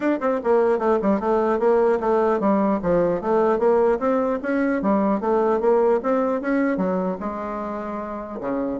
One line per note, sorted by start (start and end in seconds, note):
0.00 0.19 D4
0.20 0.40 C4
0.43 0.78 A#3
0.78 0.98 A3
1.02 1.20 G3
1.20 1.59 A3
1.59 1.99 A#3
2.00 2.40 A3
2.40 2.80 G3
2.82 3.21 F3
3.21 3.59 A3
3.59 3.99 A#3
3.99 4.39 C4
4.42 4.82 C#4
4.82 5.20 G3
5.20 5.60 A3
5.60 6.00 A#3
6.02 6.41 C4
6.41 6.77 C#4
6.77 7.17 F#3
7.20 8.40 G#3
8.40 8.80 C#3